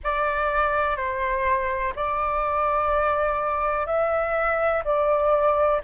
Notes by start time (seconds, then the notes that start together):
0.03 D5
0.96 C5
1.95 D5
3.86 E5
4.84 D5